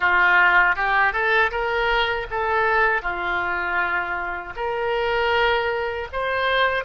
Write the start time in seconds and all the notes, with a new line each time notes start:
0.00 F4
0.75 G4
1.12 A4
1.51 A#4
2.30 A4
3.01 F4
4.56 A#4
6.12 C5